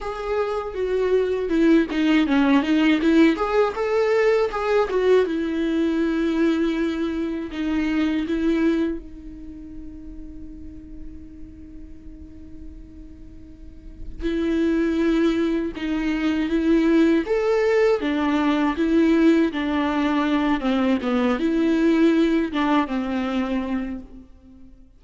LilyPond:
\new Staff \with { instrumentName = "viola" } { \time 4/4 \tempo 4 = 80 gis'4 fis'4 e'8 dis'8 cis'8 dis'8 | e'8 gis'8 a'4 gis'8 fis'8 e'4~ | e'2 dis'4 e'4 | dis'1~ |
dis'2. e'4~ | e'4 dis'4 e'4 a'4 | d'4 e'4 d'4. c'8 | b8 e'4. d'8 c'4. | }